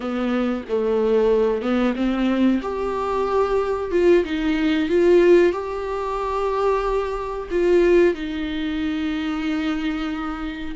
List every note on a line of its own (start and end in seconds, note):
0.00 0.63 B3
0.68 1.61 A3
1.61 1.94 B3
1.95 2.61 C4
2.61 3.91 G4
3.91 4.24 F4
4.24 4.89 D#4
4.89 5.52 F4
5.52 7.48 G4
7.50 8.14 F4
8.14 10.75 D#4